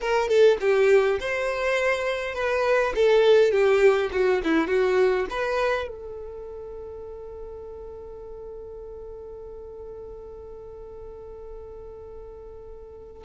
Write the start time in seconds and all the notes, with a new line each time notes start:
0.00 A#4
0.28 A4
0.60 G4
1.20 C5
2.34 B4
2.95 A4
3.51 G4
4.12 F#4
4.44 E4
4.67 F#4
5.29 B4
5.87 A4